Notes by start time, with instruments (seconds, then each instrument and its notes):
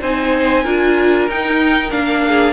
0.00 cello C4, viola D#4, violin C5 G#5
0.63 cello D4, viola F4, violin A#4
1.28 cello D#4, viola D#4, violin G5
1.90 cello A#3, viola D4, violin F5
2.27 violin G#4